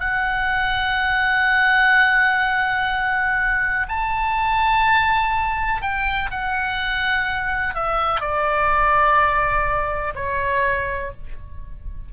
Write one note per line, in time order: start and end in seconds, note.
0.00 3.87 F#5
3.89 5.82 A5
5.82 6.30 G5
6.31 7.75 F#5
7.75 8.21 E5
8.21 10.14 D5
10.16 11.12 C#5